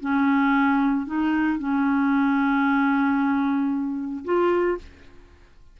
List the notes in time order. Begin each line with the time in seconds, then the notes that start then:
0.00 C#4
1.06 D#4
1.59 C#4
4.25 F4